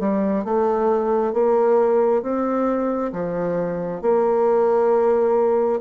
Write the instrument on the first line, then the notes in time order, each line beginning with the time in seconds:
bassoon
0.00 G3
0.45 A3
1.34 A#3
2.23 C4
3.13 F3
4.02 A#3